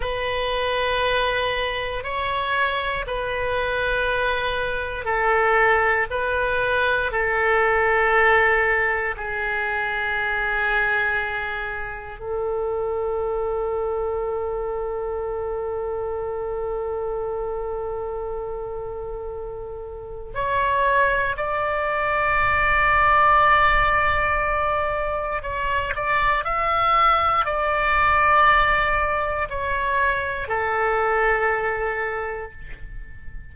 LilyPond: \new Staff \with { instrumentName = "oboe" } { \time 4/4 \tempo 4 = 59 b'2 cis''4 b'4~ | b'4 a'4 b'4 a'4~ | a'4 gis'2. | a'1~ |
a'1 | cis''4 d''2.~ | d''4 cis''8 d''8 e''4 d''4~ | d''4 cis''4 a'2 | }